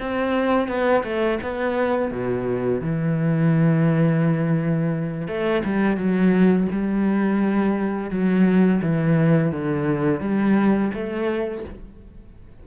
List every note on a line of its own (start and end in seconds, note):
0.00 0.68 C4
0.68 1.03 B3
1.04 1.39 A3
1.42 2.11 B3
2.11 2.81 B2
2.81 5.28 E3
5.28 5.63 A3
5.65 5.97 G3
5.97 6.67 F#3
6.72 8.11 G3
8.11 8.81 F#3
8.82 9.52 E3
9.52 10.21 D3
10.21 10.91 G3
10.94 11.65 A3